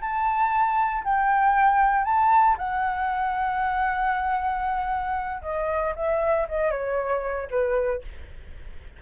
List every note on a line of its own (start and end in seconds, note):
0.00 1.03 A5
1.04 2.04 G5
2.04 2.56 A5
2.58 5.42 F#5
5.42 5.93 D#5
5.95 6.47 E5
6.48 6.71 D#5
6.71 7.48 C#5
7.50 8.02 B4